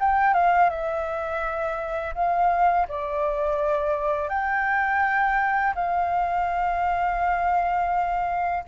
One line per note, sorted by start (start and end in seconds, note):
0.00 0.34 G5
0.34 0.70 F5
0.70 2.14 E5
2.15 2.87 F5
2.88 4.29 D5
4.29 5.73 G5
5.75 8.64 F5